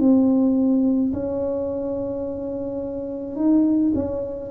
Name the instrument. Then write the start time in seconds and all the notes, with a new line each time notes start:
tuba
0.00 C4
1.14 C#4
3.37 D#4
3.95 C#4